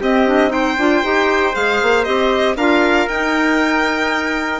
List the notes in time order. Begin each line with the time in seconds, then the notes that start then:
0.00 C4 G4 D#5
0.26 D4
0.48 D#4 C5 G5
0.77 D4 F4
1.03 D#4 G4
1.53 G#3 G#4 F5
1.82 A#3
2.04 C4 G4 D#5
2.56 D4 F4 A#4 F5
3.08 D#4 G5